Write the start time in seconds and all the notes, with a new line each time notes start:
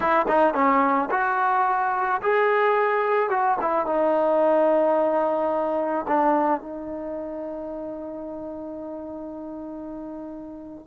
0.00 E4
0.28 D#4
0.54 C#4
1.11 F#4
2.21 G#4
3.29 F#4
3.61 E4
3.85 D#4
6.07 D4
6.60 D#4